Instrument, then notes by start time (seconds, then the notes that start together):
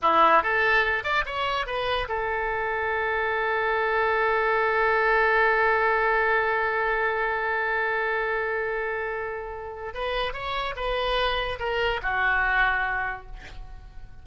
oboe
0.02 E4
0.42 A4
1.03 D5
1.25 C#5
1.66 B4
2.08 A4
9.93 B4
10.33 C#5
10.76 B4
11.59 A#4
12.02 F#4